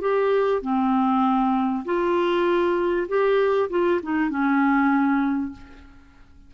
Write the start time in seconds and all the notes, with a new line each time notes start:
0.00 G4
0.61 C4
1.85 F4
3.08 G4
3.70 F4
4.02 D#4
4.29 C#4